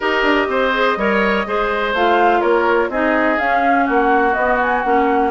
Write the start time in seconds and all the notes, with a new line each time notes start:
0.00 D#4 G4 A#4 D#5
0.23 D4
0.47 C4 C5
0.72 G#4
0.97 G3 A#4 C#5
1.46 G#3 G#4 C5
1.93 A3 F4 F5
2.40 A#3 A#4 C#5
2.89 C4 D#4 G#4 D#5
3.37 C#4 F5
3.85 A#3 F#4 F#5
4.33 B3 D#5
4.61 G#5
4.82 A#3 C#4 F#5